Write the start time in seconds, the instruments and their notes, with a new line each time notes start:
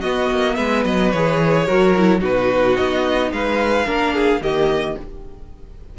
0.00 viola B3, cello B3, violin F#4 D#5
0.30 cello A#3
0.55 cello G#3, violin B4 E5
0.85 cello F#3, violin D#5
1.11 cello E3, viola G#4, violin C#5
1.66 cello F#3, viola F#4, violin A#4
1.97 viola E4
2.19 cello B2, viola D#4, violin F#4 B4
2.76 cello B3, violin D#5
3.31 cello G#3, violin B4 F5
3.85 cello A#3, viola D4, violin A#4
4.14 violin G#4
4.41 cello D#3, viola A#3, violin G4 D#5